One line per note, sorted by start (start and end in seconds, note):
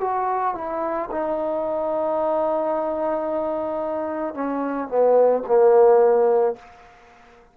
0.00 0.55 F#4
0.55 1.10 E4
1.11 4.34 D#4
4.34 4.88 C#4
4.88 5.43 B3
5.47 6.56 A#3